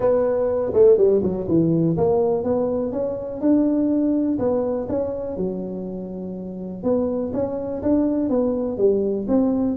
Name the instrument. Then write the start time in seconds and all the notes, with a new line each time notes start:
tuba
0.00 B3
0.73 A3
0.97 G3
1.22 F#3
1.48 E3
1.97 A#3
2.43 B3
2.92 C#4
3.40 D4
4.38 B3
4.88 C#4
5.36 F#3
6.83 B3
7.33 C#4
7.82 D4
8.29 B3
8.77 G3
9.28 C4